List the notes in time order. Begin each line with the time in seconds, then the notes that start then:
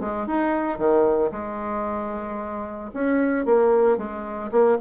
0.00 G#3
0.26 D#4
0.77 D#3
1.31 G#3
2.93 C#4
3.45 A#3
3.97 G#3
4.51 A#3